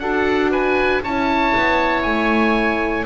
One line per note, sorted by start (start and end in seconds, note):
0.00 1.03 D4
0.00 1.04 F#4
0.00 0.51 A4
0.00 0.51 F#5
0.51 1.02 B4
0.51 1.03 G#5
1.04 1.54 C#4
1.04 3.06 E4
1.04 3.06 C#5
1.04 2.03 A5
1.56 2.06 B3
2.03 3.06 A3
2.03 3.05 G#5